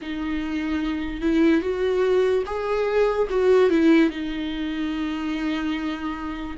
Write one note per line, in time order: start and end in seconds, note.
0.01 1.21 D#4
1.21 1.61 E4
1.61 2.43 F#4
2.45 3.28 G#4
3.30 3.69 F#4
3.69 4.09 E4
4.09 6.56 D#4